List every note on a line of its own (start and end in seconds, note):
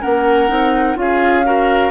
0.00 0.50 A#3
0.00 0.48 C#4
0.00 0.96 A#4
0.00 0.96 F#5
0.48 0.96 C4
0.48 0.95 D#4
0.95 1.91 C#4
0.95 1.43 F4
0.95 1.45 G#4
0.95 1.91 F5
1.44 1.91 F#4
1.44 1.91 A#4